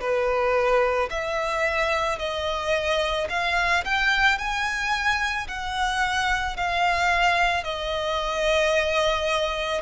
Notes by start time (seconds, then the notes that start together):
0.00 B4
1.10 E5
2.18 D#5
3.29 F5
3.84 G5
4.38 G#5
5.47 F#5
6.56 F5
7.64 D#5